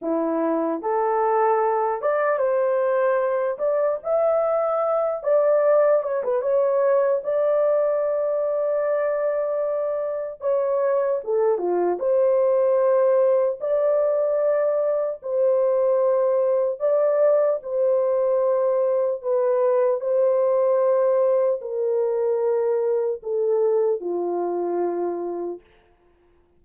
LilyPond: \new Staff \with { instrumentName = "horn" } { \time 4/4 \tempo 4 = 75 e'4 a'4. d''8 c''4~ | c''8 d''8 e''4. d''4 cis''16 b'16 | cis''4 d''2.~ | d''4 cis''4 a'8 f'8 c''4~ |
c''4 d''2 c''4~ | c''4 d''4 c''2 | b'4 c''2 ais'4~ | ais'4 a'4 f'2 | }